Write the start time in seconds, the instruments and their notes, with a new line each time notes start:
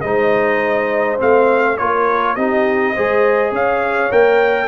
0.00 tuba G#3, trombone D#4, horn C5, trumpet D#5
1.18 tuba A3, trombone C4, trumpet F5
1.77 tuba A#3, trombone F4, horn A#4, trumpet C#5
2.35 tuba C4, trombone D#4, horn G4, trumpet D#5
2.94 tuba G#3, trombone G#4, horn C5
3.51 tuba C#4, horn C#5, trumpet F5
4.10 tuba A#3, trombone A#4, trumpet G5